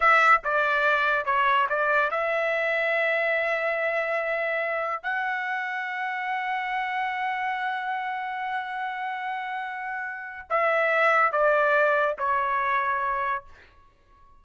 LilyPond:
\new Staff \with { instrumentName = "trumpet" } { \time 4/4 \tempo 4 = 143 e''4 d''2 cis''4 | d''4 e''2.~ | e''1 | fis''1~ |
fis''1~ | fis''1~ | fis''4 e''2 d''4~ | d''4 cis''2. | }